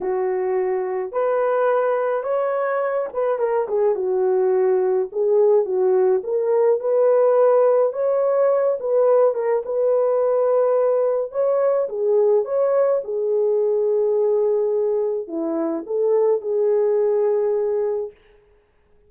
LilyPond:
\new Staff \with { instrumentName = "horn" } { \time 4/4 \tempo 4 = 106 fis'2 b'2 | cis''4. b'8 ais'8 gis'8 fis'4~ | fis'4 gis'4 fis'4 ais'4 | b'2 cis''4. b'8~ |
b'8 ais'8 b'2. | cis''4 gis'4 cis''4 gis'4~ | gis'2. e'4 | a'4 gis'2. | }